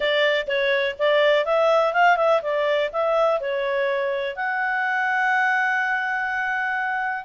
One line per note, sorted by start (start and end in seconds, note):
0.00 0.46 D5
0.47 0.95 C#5
0.98 1.45 D5
1.45 1.93 E5
1.93 2.16 F5
2.16 2.41 E5
2.41 2.90 D5
2.92 3.40 E5
3.40 4.36 C#5
4.36 7.24 F#5